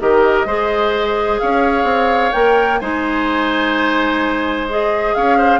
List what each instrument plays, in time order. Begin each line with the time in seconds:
0.00 bassoon D#3, clarinet G4, oboe A#4, flute D#5
0.45 bassoon G#3, clarinet G#4, oboe C5
1.38 bassoon C#4, oboe C#5, flute F5
1.83 bassoon C4
2.32 bassoon A#3, clarinet A#4, flute G5
2.79 bassoon G#3, clarinet D#4, oboe C5, flute G#5
4.69 clarinet G#4, flute D#5
5.14 bassoon C#4, oboe C#5, flute F5
5.37 oboe C5